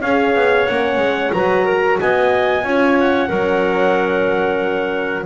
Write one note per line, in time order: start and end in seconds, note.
0.00 0.34 C#4
0.00 0.68 G#4
0.00 1.32 C#5
0.00 0.66 F5
0.34 0.67 B3
0.66 0.97 A#3
0.66 1.34 C#4
0.66 1.32 F#5
0.97 1.30 G#3
1.32 1.99 F#3
1.32 2.64 F#4
1.32 1.65 B4
1.32 1.98 A#5
1.65 1.98 A#4
2.00 2.63 B3
2.00 2.64 D#5
2.00 2.99 G#5
2.63 3.29 C#4
2.63 3.30 F4
2.63 3.28 C#5
2.99 5.26 F#5
3.28 5.26 F#3
3.28 5.26 C#4
3.28 5.26 A#4